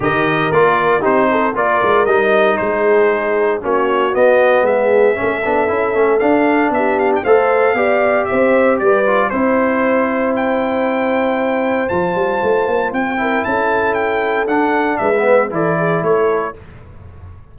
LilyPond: <<
  \new Staff \with { instrumentName = "trumpet" } { \time 4/4 \tempo 4 = 116 dis''4 d''4 c''4 d''4 | dis''4 c''2 cis''4 | dis''4 e''2. | f''4 e''8 f''16 g''16 f''2 |
e''4 d''4 c''2 | g''2. a''4~ | a''4 g''4 a''4 g''4 | fis''4 e''4 d''4 cis''4 | }
  \new Staff \with { instrumentName = "horn" } { \time 4/4 ais'2 g'8 a'8 ais'4~ | ais'4 gis'2 fis'4~ | fis'4 gis'4 a'2~ | a'4 g'4 c''4 d''4 |
c''4 b'4 c''2~ | c''1~ | c''4. ais'8 a'2~ | a'4 b'4 a'8 gis'8 a'4 | }
  \new Staff \with { instrumentName = "trombone" } { \time 4/4 g'4 f'4 dis'4 f'4 | dis'2. cis'4 | b2 cis'8 d'8 e'8 cis'8 | d'2 a'4 g'4~ |
g'4. f'8 e'2~ | e'2. f'4~ | f'4. e'2~ e'8 | d'4~ d'16 b8. e'2 | }
  \new Staff \with { instrumentName = "tuba" } { \time 4/4 dis4 ais4 c'4 ais8 gis8 | g4 gis2 ais4 | b4 gis4 a8 b8 cis'8 a8 | d'4 b4 a4 b4 |
c'4 g4 c'2~ | c'2. f8 g8 | a8 ais8 c'4 cis'2 | d'4 gis4 e4 a4 | }
>>